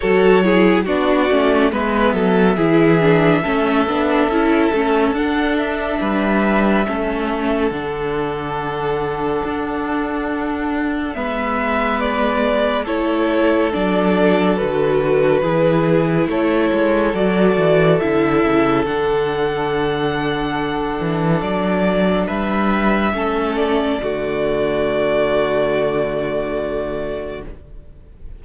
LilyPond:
<<
  \new Staff \with { instrumentName = "violin" } { \time 4/4 \tempo 4 = 70 cis''4 d''4 e''2~ | e''2 fis''8 e''4.~ | e''4 fis''2.~ | fis''4 e''4 d''4 cis''4 |
d''4 b'2 cis''4 | d''4 e''4 fis''2~ | fis''4 d''4 e''4. d''8~ | d''1 | }
  \new Staff \with { instrumentName = "violin" } { \time 4/4 a'8 gis'8 fis'4 b'8 a'8 gis'4 | a'2. b'4 | a'1~ | a'4 b'2 a'4~ |
a'2 gis'4 a'4~ | a'1~ | a'2 b'4 a'4 | fis'1 | }
  \new Staff \with { instrumentName = "viola" } { \time 4/4 fis'8 e'8 d'8 cis'8 b4 e'8 d'8 | cis'8 d'8 e'8 cis'8 d'2 | cis'4 d'2.~ | d'4 b2 e'4 |
d'4 fis'4 e'2 | fis'4 e'4 d'2~ | d'2. cis'4 | a1 | }
  \new Staff \with { instrumentName = "cello" } { \time 4/4 fis4 b8 a8 gis8 fis8 e4 | a8 b8 cis'8 a8 d'4 g4 | a4 d2 d'4~ | d'4 gis2 a4 |
fis4 d4 e4 a8 gis8 | fis8 e8 d8 cis8 d2~ | d8 e8 fis4 g4 a4 | d1 | }
>>